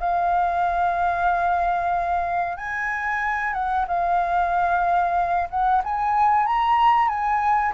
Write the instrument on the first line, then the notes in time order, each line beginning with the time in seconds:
flute
0.00 F5
2.57 G#5
3.53 F#5
3.88 F5
5.50 F#5
5.84 G#5
6.46 A#5
7.09 G#5